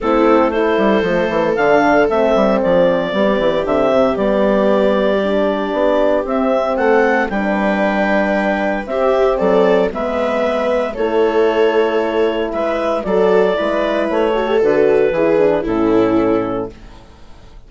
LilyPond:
<<
  \new Staff \with { instrumentName = "clarinet" } { \time 4/4 \tempo 4 = 115 a'4 c''2 f''4 | e''4 d''2 e''4 | d''1 | e''4 fis''4 g''2~ |
g''4 e''4 d''4 e''4~ | e''4 cis''2. | e''4 d''2 cis''4 | b'2 a'2 | }
  \new Staff \with { instrumentName = "viola" } { \time 4/4 e'4 a'2.~ | a'2 g'2~ | g'1~ | g'4 a'4 b'2~ |
b'4 g'4 a'4 b'4~ | b'4 a'2. | b'4 a'4 b'4. a'8~ | a'4 gis'4 e'2 | }
  \new Staff \with { instrumentName = "horn" } { \time 4/4 c'4 e'4 a4 d'4 | c'2 b4 c'4 | b2 d'2 | c'2 d'2~ |
d'4 c'2 b4~ | b4 e'2.~ | e'4 fis'4 e'4. fis'16 g'16 | fis'4 e'8 d'8 cis'2 | }
  \new Staff \with { instrumentName = "bassoon" } { \time 4/4 a4. g8 f8 e8 d4 | a8 g8 f4 g8 e8 d8 c8 | g2. b4 | c'4 a4 g2~ |
g4 c'4 fis4 gis4~ | gis4 a2. | gis4 fis4 gis4 a4 | d4 e4 a,2 | }
>>